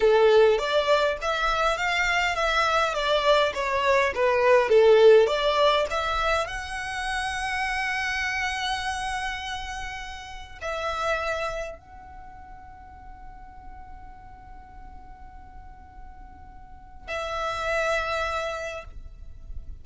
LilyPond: \new Staff \with { instrumentName = "violin" } { \time 4/4 \tempo 4 = 102 a'4 d''4 e''4 f''4 | e''4 d''4 cis''4 b'4 | a'4 d''4 e''4 fis''4~ | fis''1~ |
fis''2 e''2 | fis''1~ | fis''1~ | fis''4 e''2. | }